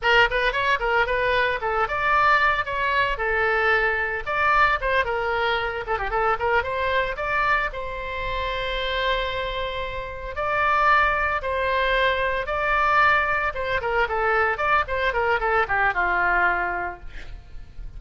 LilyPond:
\new Staff \with { instrumentName = "oboe" } { \time 4/4 \tempo 4 = 113 ais'8 b'8 cis''8 ais'8 b'4 a'8 d''8~ | d''4 cis''4 a'2 | d''4 c''8 ais'4. a'16 g'16 a'8 | ais'8 c''4 d''4 c''4.~ |
c''2.~ c''8 d''8~ | d''4. c''2 d''8~ | d''4. c''8 ais'8 a'4 d''8 | c''8 ais'8 a'8 g'8 f'2 | }